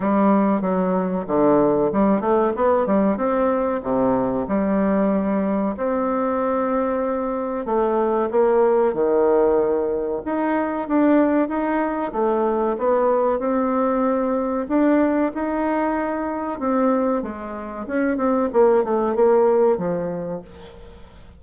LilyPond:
\new Staff \with { instrumentName = "bassoon" } { \time 4/4 \tempo 4 = 94 g4 fis4 d4 g8 a8 | b8 g8 c'4 c4 g4~ | g4 c'2. | a4 ais4 dis2 |
dis'4 d'4 dis'4 a4 | b4 c'2 d'4 | dis'2 c'4 gis4 | cis'8 c'8 ais8 a8 ais4 f4 | }